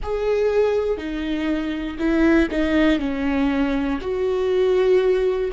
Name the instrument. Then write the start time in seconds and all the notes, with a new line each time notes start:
viola
0.03 G#4
0.97 D#4
1.98 E4
2.50 D#4
2.99 C#4
4.00 F#4